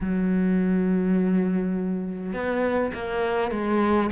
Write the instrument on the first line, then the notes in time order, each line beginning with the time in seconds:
cello
0.00 F#3
2.33 B3
2.94 A#3
3.51 G#3